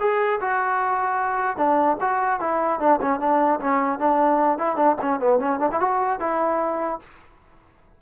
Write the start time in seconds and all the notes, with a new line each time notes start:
0.00 G#4
0.41 F#4
1.57 D4
2.01 F#4
2.40 E4
2.80 D4
3.02 C#4
3.20 D4
3.61 C#4
3.99 D4
4.58 E4
4.76 D4
5.02 C#4
5.20 B3
5.40 C#4
5.60 D4
5.72 E4
5.80 F#4
6.20 E4